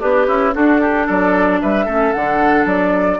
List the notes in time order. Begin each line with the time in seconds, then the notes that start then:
0.00 B3 D4 G4 B4
0.28 C#4 E4
0.55 D4 F#4 A4
0.81 G4
1.07 F#3 A4 D5
1.62 G3 B4 E5
1.85 A3 C#4 A4
2.13 D3 D4 F#5
2.65 F#3 D5